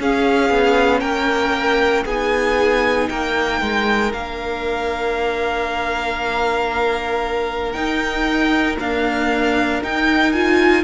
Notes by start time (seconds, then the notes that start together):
0.00 C#4 G#4 F5
0.50 B3
1.00 A#3 A#4 G5
2.05 B3 D#4 G#4 G#5
3.09 A#3 A#4 G5
3.62 G#3
4.13 A#3 D4 F5
7.72 D#4 G5
8.77 A#3 D4 F5
9.82 D#4 G5
10.33 F4 G#5